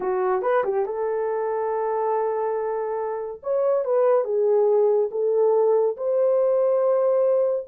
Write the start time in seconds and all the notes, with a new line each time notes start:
0.00 F#4
0.42 B4
0.64 G4
0.85 A4
3.43 C#5
3.85 B4
4.24 G#4
5.11 A4
5.97 C5